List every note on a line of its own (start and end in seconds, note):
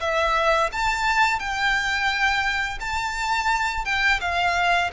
0.00 0.70 E5
0.72 1.39 A5
1.39 2.78 G5
2.80 3.85 A5
3.85 4.20 G5
4.21 4.90 F5